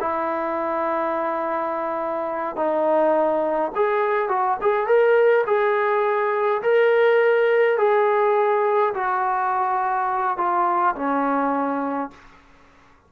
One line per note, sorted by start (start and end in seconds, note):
0.00 2.56 E4
2.56 3.71 D#4
3.75 4.28 G#4
4.28 4.57 F#4
4.61 4.87 G#4
4.87 5.45 A#4
5.46 6.62 G#4
6.62 7.78 A#4
7.78 8.93 G#4
8.94 10.37 F#4
10.37 10.95 F4
10.95 12.10 C#4